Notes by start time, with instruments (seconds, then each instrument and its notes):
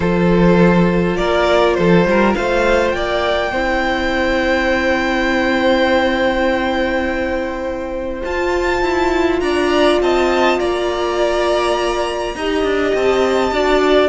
0.00 cello F3, viola F4, violin A4 C5
1.16 cello A#3, violin A#4 D5
1.74 cello F3, violin A4 C5
2.05 cello G3, violin A#4
2.35 cello A3, violin C5 F5
2.90 cello A#3, violin D5 G5
3.51 cello C4, viola E4, violin C5
8.22 viola F4, cello F4, violin A5
8.82 cello E4
9.39 cello D4, violin D5 A#5
10.00 cello C4, violin D#5 A5
10.58 cello A#3, violin D5 A#5
12.35 cello D#4, viola G4, violin D#5
12.63 cello D4
12.94 cello C4, violin A5
13.51 cello D4, viola F#4, violin D5